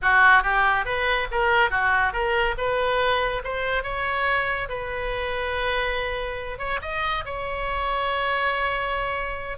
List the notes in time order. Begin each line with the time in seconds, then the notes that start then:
0.02 F#4
0.43 G4
0.85 B4
1.31 A#4
1.70 F#4
2.12 A#4
2.57 B4
3.44 C5
3.83 C#5
4.68 B4
6.58 C#5
6.81 D#5
7.25 C#5